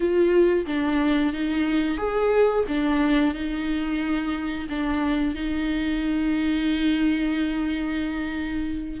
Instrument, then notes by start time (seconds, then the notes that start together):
viola
0.00 F4
0.66 D4
1.33 D#4
1.97 G#4
2.68 D4
3.34 D#4
4.69 D4
5.34 D#4